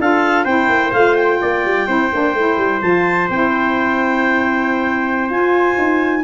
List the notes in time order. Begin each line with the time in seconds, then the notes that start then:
0.00 D4 F4 A4 F5
0.45 C4 E4 C5 G5
0.69 A#3
0.93 A3 F4 F5
1.16 G5
1.42 A#3 D5
1.65 G3
1.87 C4 E4 C5
2.13 A#3 D4
2.34 A3 E4
2.58 G3
2.82 F3 F4 A5
3.30 C4 E4 G5
5.30 F4 G#5
5.78 D#4